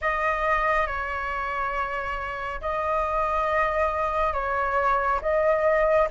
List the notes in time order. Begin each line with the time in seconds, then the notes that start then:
0.01 D#5
0.87 C#5
2.61 D#5
4.33 C#5
5.21 D#5